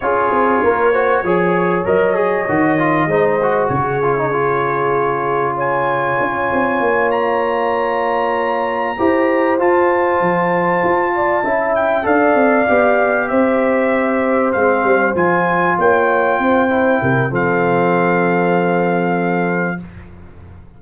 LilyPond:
<<
  \new Staff \with { instrumentName = "trumpet" } { \time 4/4 \tempo 4 = 97 cis''2. dis''4~ | dis''2 cis''2~ | cis''4 gis''2~ gis''8 ais''8~ | ais''2.~ ais''8 a''8~ |
a''2. g''8 f''8~ | f''4. e''2 f''8~ | f''8 gis''4 g''2~ g''8 | f''1 | }
  \new Staff \with { instrumentName = "horn" } { \time 4/4 gis'4 ais'8 c''8 cis''2~ | cis''4 c''4 gis'2~ | gis'4 cis''2.~ | cis''2~ cis''8 c''4.~ |
c''2 d''8 e''4 d''8~ | d''4. c''2~ c''8~ | c''4. cis''4 c''4 ais'8 | a'1 | }
  \new Staff \with { instrumentName = "trombone" } { \time 4/4 f'4. fis'8 gis'4 ais'8 gis'8 | fis'8 f'8 dis'8 fis'4 f'16 dis'16 f'4~ | f'1~ | f'2~ f'8 g'4 f'8~ |
f'2~ f'8 e'4 a'8~ | a'8 g'2. c'8~ | c'8 f'2~ f'8 e'4 | c'1 | }
  \new Staff \with { instrumentName = "tuba" } { \time 4/4 cis'8 c'8 ais4 f4 fis4 | dis4 gis4 cis2~ | cis2 cis'8 c'8 ais4~ | ais2~ ais8 e'4 f'8~ |
f'8 f4 f'4 cis'4 d'8 | c'8 b4 c'2 gis8 | g8 f4 ais4 c'4 c8 | f1 | }
>>